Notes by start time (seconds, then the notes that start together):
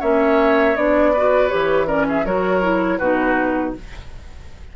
0.00 A#3 C#4 C#5 E5
0.76 B3 D4 D5
1.13 F#4 B4
1.49 E3 G4 C#5
1.88 C#4 A#4 D5
2.09 G#4 E5
2.25 F#3 F#4 A#4 C#5
2.62 E4
2.99 B2 D#4 F#4 B4